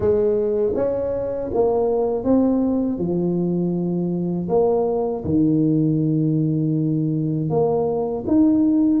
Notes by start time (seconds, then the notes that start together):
0.00 G#3
0.75 C#4
1.54 A#3
2.23 C4
2.98 F3
4.49 A#3
5.24 D#3
7.49 A#3
8.26 D#4